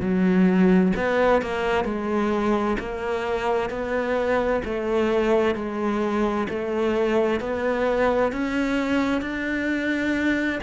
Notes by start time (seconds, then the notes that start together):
0.00 F#3
0.96 B3
1.42 A#3
1.85 G#3
2.79 A#3
3.70 B3
4.64 A3
5.55 G#3
6.49 A3
7.40 B3
8.32 C#4
9.21 D4